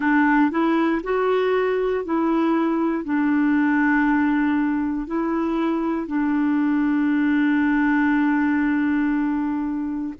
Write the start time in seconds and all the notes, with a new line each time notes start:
0.00 D4
0.50 E4
1.03 F#4
2.04 E4
3.04 D4
5.07 E4
6.07 D4